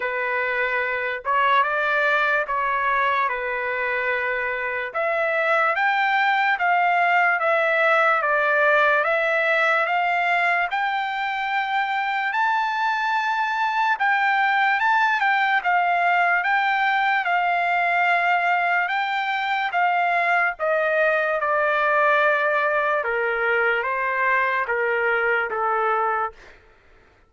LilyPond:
\new Staff \with { instrumentName = "trumpet" } { \time 4/4 \tempo 4 = 73 b'4. cis''8 d''4 cis''4 | b'2 e''4 g''4 | f''4 e''4 d''4 e''4 | f''4 g''2 a''4~ |
a''4 g''4 a''8 g''8 f''4 | g''4 f''2 g''4 | f''4 dis''4 d''2 | ais'4 c''4 ais'4 a'4 | }